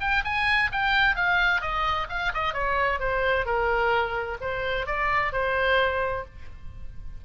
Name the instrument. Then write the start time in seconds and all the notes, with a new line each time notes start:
oboe
0.00 G5
0.24 G#5
0.72 G5
1.15 F5
1.61 D#5
2.09 F5
2.33 D#5
2.53 C#5
2.99 C5
3.45 A#4
4.41 C5
4.86 D5
5.32 C5